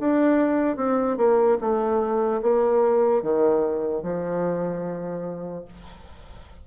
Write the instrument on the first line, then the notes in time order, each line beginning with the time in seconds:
bassoon
0.00 D4
0.77 C4
1.18 A#3
1.61 A3
2.43 A#3
3.22 D#3
4.03 F3